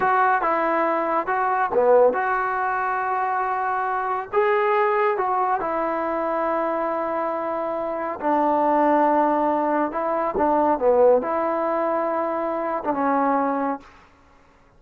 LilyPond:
\new Staff \with { instrumentName = "trombone" } { \time 4/4 \tempo 4 = 139 fis'4 e'2 fis'4 | b4 fis'2.~ | fis'2 gis'2 | fis'4 e'2.~ |
e'2. d'4~ | d'2. e'4 | d'4 b4 e'2~ | e'4.~ e'16 d'16 cis'2 | }